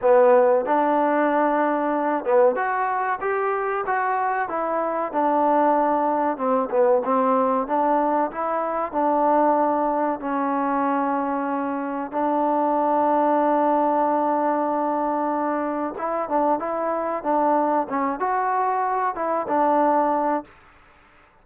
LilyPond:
\new Staff \with { instrumentName = "trombone" } { \time 4/4 \tempo 4 = 94 b4 d'2~ d'8 b8 | fis'4 g'4 fis'4 e'4 | d'2 c'8 b8 c'4 | d'4 e'4 d'2 |
cis'2. d'4~ | d'1~ | d'4 e'8 d'8 e'4 d'4 | cis'8 fis'4. e'8 d'4. | }